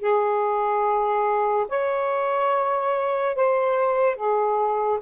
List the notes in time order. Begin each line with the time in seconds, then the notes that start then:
0.00 G#4
1.69 C#5
3.35 C5
4.16 G#4